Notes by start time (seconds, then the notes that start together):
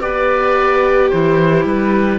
0.00 B3 G4 B4 D5
1.09 E3 E4 C5
1.64 G3 B4